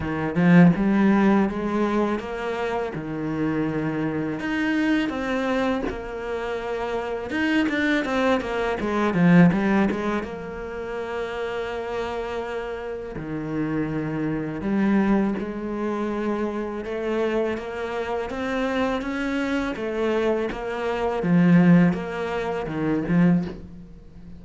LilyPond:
\new Staff \with { instrumentName = "cello" } { \time 4/4 \tempo 4 = 82 dis8 f8 g4 gis4 ais4 | dis2 dis'4 c'4 | ais2 dis'8 d'8 c'8 ais8 | gis8 f8 g8 gis8 ais2~ |
ais2 dis2 | g4 gis2 a4 | ais4 c'4 cis'4 a4 | ais4 f4 ais4 dis8 f8 | }